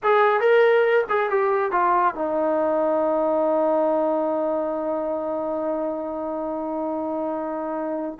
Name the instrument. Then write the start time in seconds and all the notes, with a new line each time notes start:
trombone
0.03 G#4
0.40 A#4
1.09 G#4
1.29 G4
1.71 F4
2.14 D#4